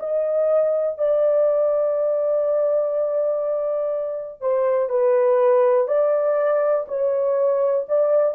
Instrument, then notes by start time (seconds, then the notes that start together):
horn
0.00 D#5
0.98 D5
4.41 C5
4.89 B4
5.88 D5
6.88 C#5
7.89 D5